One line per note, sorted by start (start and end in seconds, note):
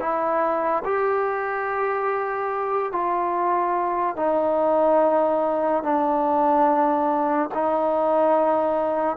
0.00 0.83 E4
0.85 2.93 G4
2.93 4.17 F4
4.17 5.83 D#4
5.83 7.50 D4
7.55 9.17 D#4